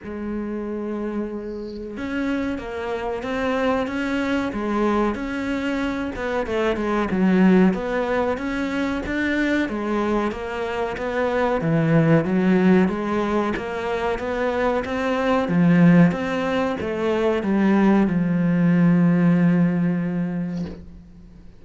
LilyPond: \new Staff \with { instrumentName = "cello" } { \time 4/4 \tempo 4 = 93 gis2. cis'4 | ais4 c'4 cis'4 gis4 | cis'4. b8 a8 gis8 fis4 | b4 cis'4 d'4 gis4 |
ais4 b4 e4 fis4 | gis4 ais4 b4 c'4 | f4 c'4 a4 g4 | f1 | }